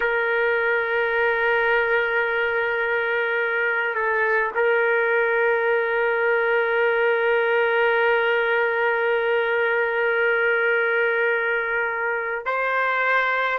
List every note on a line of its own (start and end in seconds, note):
0.00 3.95 A#4
3.95 4.51 A4
4.54 12.45 A#4
12.45 13.58 C5